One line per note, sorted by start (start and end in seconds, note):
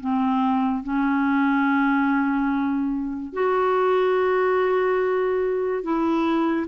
0.00 0.83 C4
0.83 3.33 C#4
3.33 5.83 F#4
5.83 6.66 E4